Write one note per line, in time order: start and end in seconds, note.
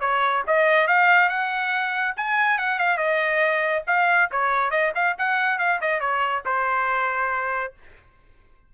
0.00 0.43 C#5
0.47 0.87 D#5
0.87 1.29 F5
1.29 2.14 F#5
2.16 2.58 G#5
2.58 2.78 F#5
2.78 2.97 F5
2.97 3.82 D#5
3.86 4.29 F5
4.31 4.70 C#5
4.70 4.92 D#5
4.94 5.16 F5
5.18 5.58 F#5
5.58 5.80 F5
5.81 6.00 D#5
6.00 6.43 C#5
6.45 7.73 C5